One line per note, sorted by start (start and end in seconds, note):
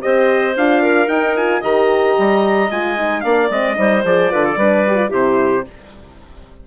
0.00 0.56 C4
0.00 0.54 G4
0.00 0.82 C5
0.00 0.55 D#5
0.56 1.07 D4
0.56 1.08 F4
0.56 1.08 F5
0.82 1.60 A#4
1.07 1.61 D#4
1.07 1.34 D#4
1.07 1.35 G5
1.36 1.62 F4
1.36 1.62 G#5
1.60 2.16 D#3
1.60 2.69 G4
1.60 3.20 D#5
1.60 2.71 A#5
2.18 2.70 G3
2.70 3.24 G#3
2.70 2.97 F4
2.70 3.21 G#5
2.97 3.23 D#4
3.21 3.50 A#3
3.21 3.49 D4
3.21 3.76 D5
3.21 3.47 F5
3.50 3.76 G#3
3.50 3.74 C4
3.50 4.04 D#5
3.74 4.04 G3
3.74 4.01 D#4
3.74 4.32 C5
4.04 4.31 F3
4.04 4.29 G#4
4.04 5.13 D5
4.29 4.56 D3
4.29 4.56 F4
4.29 4.44 B4
4.44 4.58 A4
4.56 5.10 G3
4.56 4.87 D4
4.56 5.09 B4
4.87 4.94 G4
4.94 5.08 F4
5.09 5.65 C3
5.09 5.63 E4
5.09 5.63 G4
5.09 5.67 C5